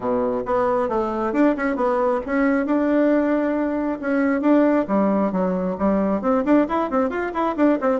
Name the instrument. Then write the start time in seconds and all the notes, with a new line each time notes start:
bassoon
0.00 B2
0.45 B3
0.88 A3
1.33 D4
1.56 C#4
1.76 B3
2.26 C#4
2.65 D4
4.00 C#4
4.41 D4
4.87 G3
5.32 F#3
5.78 G3
6.21 C4
6.44 D4
6.68 E4
6.90 C4
7.09 F4
7.33 E4
7.56 D4
7.80 C4